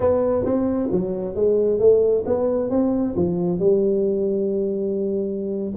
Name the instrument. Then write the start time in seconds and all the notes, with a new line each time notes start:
tuba
0.00 B3
0.44 C4
0.91 F#3
1.35 G#3
1.79 A3
2.26 B3
2.70 C4
3.16 F3
3.59 G3